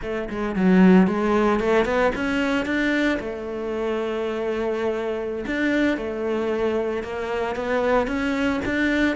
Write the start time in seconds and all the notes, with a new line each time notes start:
0.02 A3
0.29 G#3
0.55 F#3
1.07 G#3
1.60 A3
1.85 B3
2.15 C#4
2.65 D4
3.19 A3
5.46 D4
5.97 A3
7.03 A#3
7.55 B3
8.07 C#4
8.65 D4